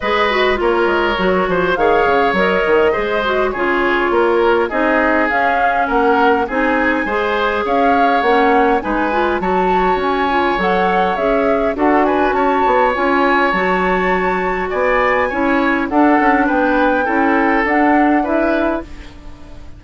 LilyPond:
<<
  \new Staff \with { instrumentName = "flute" } { \time 4/4 \tempo 4 = 102 dis''4 cis''2 f''4 | dis''2 cis''2 | dis''4 f''4 fis''4 gis''4~ | gis''4 f''4 fis''4 gis''4 |
a''4 gis''4 fis''4 e''4 | fis''8 gis''8 a''4 gis''4 a''4~ | a''4 gis''2 fis''4 | g''2 fis''4 e''4 | }
  \new Staff \with { instrumentName = "oboe" } { \time 4/4 b'4 ais'4. c''8 cis''4~ | cis''4 c''4 gis'4 ais'4 | gis'2 ais'4 gis'4 | c''4 cis''2 b'4 |
cis''1 | a'8 b'8 cis''2.~ | cis''4 d''4 cis''4 a'4 | b'4 a'2 b'4 | }
  \new Staff \with { instrumentName = "clarinet" } { \time 4/4 gis'8 fis'8 f'4 fis'4 gis'4 | ais'4 gis'8 fis'8 f'2 | dis'4 cis'2 dis'4 | gis'2 cis'4 dis'8 f'8 |
fis'4. f'8 a'4 gis'4 | fis'2 f'4 fis'4~ | fis'2 e'4 d'4~ | d'4 e'4 d'4 e'4 | }
  \new Staff \with { instrumentName = "bassoon" } { \time 4/4 gis4 ais8 gis8 fis8 f8 dis8 cis8 | fis8 dis8 gis4 cis4 ais4 | c'4 cis'4 ais4 c'4 | gis4 cis'4 ais4 gis4 |
fis4 cis'4 fis4 cis'4 | d'4 cis'8 b8 cis'4 fis4~ | fis4 b4 cis'4 d'8 cis'8 | b4 cis'4 d'2 | }
>>